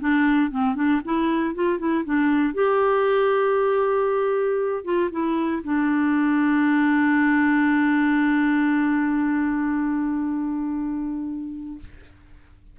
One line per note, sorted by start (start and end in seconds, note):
0.00 0.51 D4
0.51 0.75 C4
0.75 1.01 D4
1.05 1.55 E4
1.55 1.79 F4
1.79 2.04 E4
2.05 2.54 D4
2.54 4.84 G4
4.84 5.10 F4
5.11 5.62 E4
5.64 11.79 D4